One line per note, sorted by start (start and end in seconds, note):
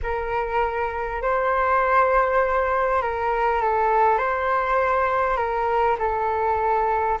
0.02 1.22 A#4
1.22 3.02 C5
3.02 3.61 A#4
3.61 4.18 A4
4.18 5.37 C5
5.37 5.97 A#4
5.98 7.18 A4